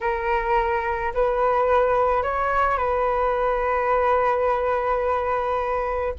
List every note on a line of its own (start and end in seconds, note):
0.01 1.13 A#4
1.13 2.23 B4
2.23 2.77 C#5
2.77 6.14 B4